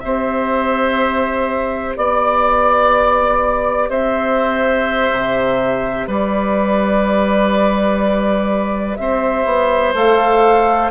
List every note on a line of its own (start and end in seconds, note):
0.00 1.97 C4
0.00 9.93 G4
0.00 1.98 C5
0.00 1.94 E5
1.97 3.89 B3
1.97 3.90 D5
3.89 5.10 C4
3.89 6.07 C5
3.89 6.08 E5
5.11 6.07 C3
6.07 8.97 G3
6.07 8.98 B4
6.07 8.96 D5
8.96 9.45 C4
8.96 10.91 C5
8.96 9.93 E5
9.45 9.94 B3
9.95 10.91 A3
9.95 10.91 A4
9.95 10.91 F5